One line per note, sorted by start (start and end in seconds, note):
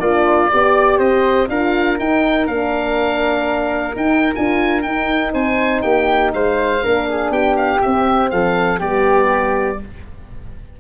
0.00 0.50 A#3
0.00 0.50 D4
0.00 0.51 F4
0.00 0.99 D5
0.50 0.99 B3
0.50 1.49 G4
0.50 0.99 D5
0.99 1.48 C4
0.99 1.48 C5
0.99 1.49 D#5
1.49 1.98 D4
1.49 1.99 F4
1.49 5.33 A#4
1.49 1.99 F5
1.99 2.48 D#4
1.99 2.47 D#4
1.99 2.47 G5
2.47 3.96 A#3
2.47 3.96 D4
2.47 3.96 F5
3.96 4.33 D#4
3.96 4.34 D#4
3.96 4.35 G5
4.35 4.86 D4
4.35 4.83 F4
4.35 4.83 G#5
4.83 6.82 D#4
4.83 5.34 D#4
4.83 5.32 G5
5.33 5.84 C4
5.33 5.83 C5
5.33 5.82 G#5
5.82 6.34 A#3
5.82 6.33 G4
5.82 6.32 G5
6.34 6.84 G#3
6.34 6.83 C5
6.34 7.32 F5
6.82 7.31 A#3
6.82 7.81 D4
6.82 7.08 A#4
7.09 7.32 G#4
7.31 7.80 B3
7.31 8.31 G4
7.31 7.57 G5
7.57 7.81 F5
7.82 8.80 C4
7.82 8.32 C4
7.82 8.31 E5
8.31 8.80 F3
8.31 8.79 A4
8.31 8.80 F5
8.79 9.80 G3
8.79 9.80 B3
8.79 9.78 G4
8.79 9.80 D5